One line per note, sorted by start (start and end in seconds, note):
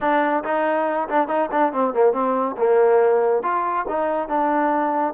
0.00 0.43 D4
0.44 1.08 D#4
1.08 1.28 D4
1.28 1.49 D#4
1.51 1.73 D4
1.73 1.93 C4
1.93 2.13 A#3
2.13 2.55 C4
2.57 3.42 A#3
3.42 3.85 F4
3.88 4.28 D#4
4.28 5.14 D4